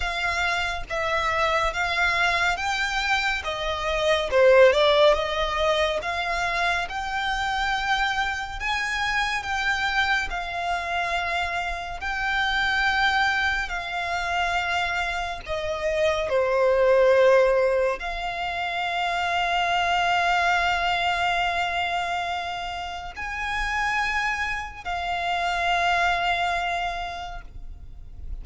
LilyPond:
\new Staff \with { instrumentName = "violin" } { \time 4/4 \tempo 4 = 70 f''4 e''4 f''4 g''4 | dis''4 c''8 d''8 dis''4 f''4 | g''2 gis''4 g''4 | f''2 g''2 |
f''2 dis''4 c''4~ | c''4 f''2.~ | f''2. gis''4~ | gis''4 f''2. | }